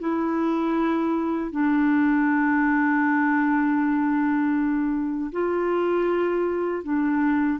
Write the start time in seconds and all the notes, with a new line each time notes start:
0.00 E4
1.52 D4
5.32 F4
6.84 D4